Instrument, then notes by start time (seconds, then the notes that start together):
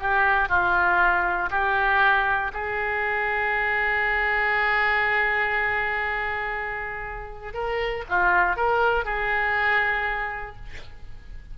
oboe
0.00 G4
0.50 F4
1.51 G4
2.54 G#4
7.54 A#4
8.09 F4
8.57 A#4
9.05 G#4